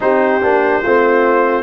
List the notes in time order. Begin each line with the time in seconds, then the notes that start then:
0.00 C4 D#4 G4 C5
0.42 A#3 D4
0.82 A3 C4 F4